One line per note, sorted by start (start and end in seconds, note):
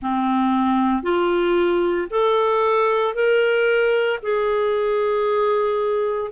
0.01 1.02 C4
1.02 2.08 F4
2.10 3.14 A4
3.14 4.19 A#4
4.22 6.31 G#4